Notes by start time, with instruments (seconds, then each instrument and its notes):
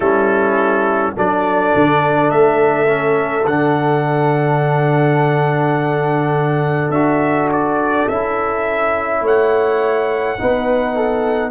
0.00 tuba G3, trombone C#4, horn E4, trumpet A4
1.16 tuba F#3, trombone D4, horn A4, trumpet D5
1.74 tuba D3
2.30 tuba A3, trumpet E5
2.86 trombone C#4
3.45 tuba D3, trombone D4, trumpet F#5
6.90 tuba D4, trombone F#4, trumpet E5
7.52 trumpet D5
8.08 tuba C#4, trombone E4, trumpet E5
9.21 tuba A3, horn C#5, trumpet F#5
10.38 tuba B3, trombone D#4, horn B4
10.95 horn A4